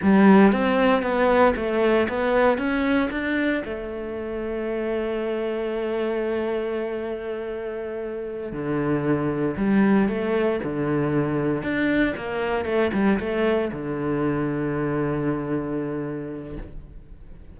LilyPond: \new Staff \with { instrumentName = "cello" } { \time 4/4 \tempo 4 = 116 g4 c'4 b4 a4 | b4 cis'4 d'4 a4~ | a1~ | a1~ |
a8 d2 g4 a8~ | a8 d2 d'4 ais8~ | ais8 a8 g8 a4 d4.~ | d1 | }